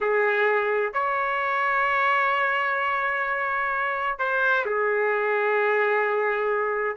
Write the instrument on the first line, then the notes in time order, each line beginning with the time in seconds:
trumpet
0.01 G#4
0.93 C#5
4.18 C5
4.65 G#4